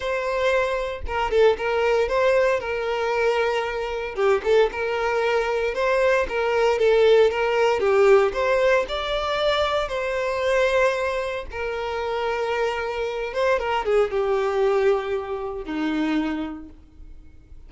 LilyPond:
\new Staff \with { instrumentName = "violin" } { \time 4/4 \tempo 4 = 115 c''2 ais'8 a'8 ais'4 | c''4 ais'2. | g'8 a'8 ais'2 c''4 | ais'4 a'4 ais'4 g'4 |
c''4 d''2 c''4~ | c''2 ais'2~ | ais'4. c''8 ais'8 gis'8 g'4~ | g'2 dis'2 | }